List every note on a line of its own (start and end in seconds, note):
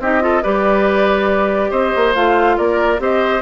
0.00 0.43 C4
0.00 0.21 D#4
0.00 0.23 G4
0.00 0.43 D#5
0.21 0.42 F4
0.21 0.43 A4
0.43 1.71 G3
0.43 2.15 G4
0.43 1.71 B4
0.43 1.71 D5
1.71 1.93 C4
1.71 2.57 C5
1.71 2.14 D#5
1.96 2.16 A#3
2.15 2.58 A3
2.15 2.99 F4
2.15 2.58 F5
2.58 2.99 A#3
2.58 3.01 A#4
2.58 3.01 D5
2.99 3.42 C4
2.99 3.41 G4
2.99 3.43 C5
2.99 3.43 D#5